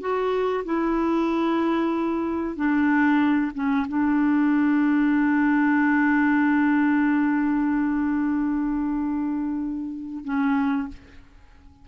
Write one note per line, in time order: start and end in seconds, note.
0.00 0.64 F#4
0.64 2.55 E4
2.55 3.51 D4
3.54 3.86 C#4
3.88 10.24 D4
10.24 10.88 C#4